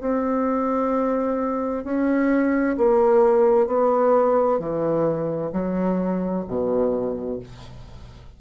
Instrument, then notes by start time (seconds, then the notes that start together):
bassoon
0.00 C4
1.84 C#4
2.77 A#3
3.66 B3
4.59 E3
5.52 F#3
6.47 B2